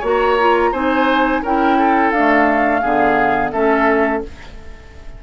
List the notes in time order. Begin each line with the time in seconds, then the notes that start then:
0.00 A#3 F#4 C#5 A#5
0.39 F4
0.72 C4 D#4 C5 G#5
1.43 C#4 E4 A#4 G5
1.78 A4
2.11 A3 D4 F5
2.81 D3 B3 G#4
3.52 A3 C#4 A4 E5